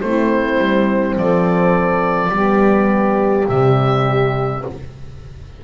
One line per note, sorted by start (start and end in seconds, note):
0.00 0.58 A3
0.00 2.32 C4
0.00 1.19 E4
0.00 1.15 C5
0.58 1.16 G3
1.17 2.29 F3
1.17 2.31 A4
1.17 3.48 D5
2.29 3.44 G3
2.29 3.48 B3
2.29 4.62 G4
3.48 4.64 C3
3.48 4.63 G3
3.48 4.63 E5